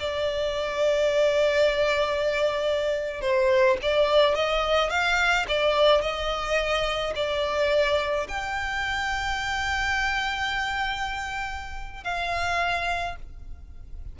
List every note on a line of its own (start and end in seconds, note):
0.00 3.21 D5
3.21 3.77 C5
3.82 4.35 D5
4.35 4.90 D#5
4.90 5.46 F5
5.48 6.02 D5
6.02 7.14 D#5
7.15 8.28 D5
8.29 12.04 G5
12.04 13.16 F5